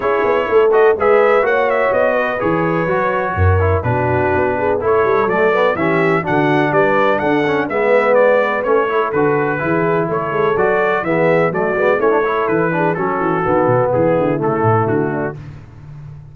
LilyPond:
<<
  \new Staff \with { instrumentName = "trumpet" } { \time 4/4 \tempo 4 = 125 cis''4. dis''8 e''4 fis''8 e''8 | dis''4 cis''2. | b'2 cis''4 d''4 | e''4 fis''4 d''4 fis''4 |
e''4 d''4 cis''4 b'4~ | b'4 cis''4 d''4 e''4 | d''4 cis''4 b'4 a'4~ | a'4 gis'4 a'4 fis'4 | }
  \new Staff \with { instrumentName = "horn" } { \time 4/4 gis'4 a'4 b'4 cis''4~ | cis''8 b'2~ b'8 ais'4 | fis'4. gis'8 a'2 | g'4 fis'4 b'4 a'4 |
b'2~ b'8 a'4. | gis'4 a'2 gis'4 | fis'4 e'8 a'4 gis'8 fis'4~ | fis'4 e'2~ e'8 d'8 | }
  \new Staff \with { instrumentName = "trombone" } { \time 4/4 e'4. fis'8 gis'4 fis'4~ | fis'4 gis'4 fis'4. e'8 | d'2 e'4 a8 b8 | cis'4 d'2~ d'8 cis'8 |
b2 cis'8 e'8 fis'4 | e'2 fis'4 b4 | a8 b8 cis'16 d'16 e'4 d'8 cis'4 | b2 a2 | }
  \new Staff \with { instrumentName = "tuba" } { \time 4/4 cis'8 b8 a4 gis4 ais4 | b4 e4 fis4 fis,4 | b,4 b4 a8 g8 fis4 | e4 d4 g4 d'4 |
gis2 a4 d4 | e4 a8 gis8 fis4 e4 | fis8 gis8 a4 e4 fis8 e8 | dis8 b,8 e8 d8 cis8 a,8 d4 | }
>>